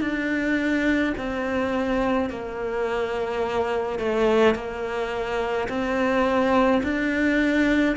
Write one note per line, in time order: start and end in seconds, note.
0.00 1.13 D4
1.17 2.30 C4
2.30 3.98 A#3
3.98 4.54 A3
4.54 5.68 A#3
5.68 6.81 C4
6.83 7.96 D4